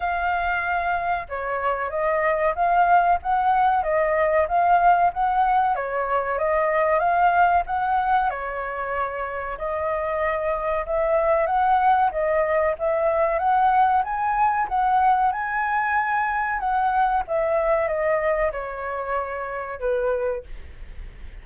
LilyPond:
\new Staff \with { instrumentName = "flute" } { \time 4/4 \tempo 4 = 94 f''2 cis''4 dis''4 | f''4 fis''4 dis''4 f''4 | fis''4 cis''4 dis''4 f''4 | fis''4 cis''2 dis''4~ |
dis''4 e''4 fis''4 dis''4 | e''4 fis''4 gis''4 fis''4 | gis''2 fis''4 e''4 | dis''4 cis''2 b'4 | }